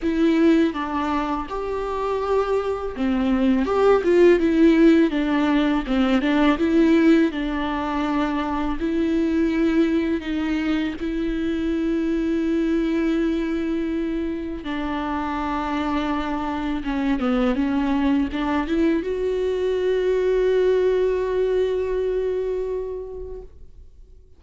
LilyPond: \new Staff \with { instrumentName = "viola" } { \time 4/4 \tempo 4 = 82 e'4 d'4 g'2 | c'4 g'8 f'8 e'4 d'4 | c'8 d'8 e'4 d'2 | e'2 dis'4 e'4~ |
e'1 | d'2. cis'8 b8 | cis'4 d'8 e'8 fis'2~ | fis'1 | }